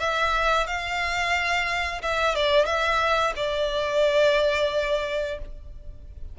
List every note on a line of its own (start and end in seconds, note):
0.00 0.67 E5
0.67 2.02 F5
2.02 2.35 E5
2.35 2.66 D5
2.66 3.33 E5
3.36 5.38 D5